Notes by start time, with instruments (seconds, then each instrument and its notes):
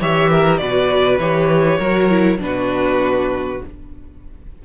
0.00 cello E3, viola G4, violin C#5 E5
0.30 violin A#4
0.57 cello B2, viola F#4, violin B4 D5
1.18 cello E3, viola G4, violin C#5
1.78 cello F#3, viola F#4, violin A#4
2.10 viola E4
2.38 cello B2, viola D4, violin B4
2.45 violin F#4